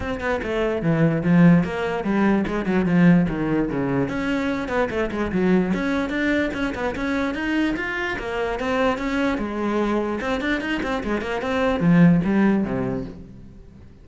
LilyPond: \new Staff \with { instrumentName = "cello" } { \time 4/4 \tempo 4 = 147 c'8 b8 a4 e4 f4 | ais4 g4 gis8 fis8 f4 | dis4 cis4 cis'4. b8 | a8 gis8 fis4 cis'4 d'4 |
cis'8 b8 cis'4 dis'4 f'4 | ais4 c'4 cis'4 gis4~ | gis4 c'8 d'8 dis'8 c'8 gis8 ais8 | c'4 f4 g4 c4 | }